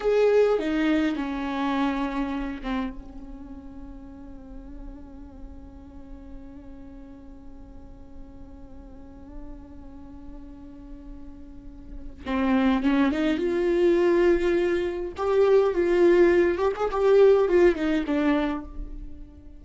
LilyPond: \new Staff \with { instrumentName = "viola" } { \time 4/4 \tempo 4 = 103 gis'4 dis'4 cis'2~ | cis'8 c'8 cis'2.~ | cis'1~ | cis'1~ |
cis'1~ | cis'4 c'4 cis'8 dis'8 f'4~ | f'2 g'4 f'4~ | f'8 g'16 gis'16 g'4 f'8 dis'8 d'4 | }